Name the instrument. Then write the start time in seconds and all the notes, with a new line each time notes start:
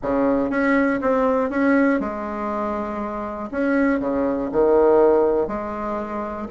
bassoon
0.02 C#3
0.50 C#4
1.01 C4
1.50 C#4
2.00 G#3
3.51 C#4
3.99 C#3
4.52 D#3
5.47 G#3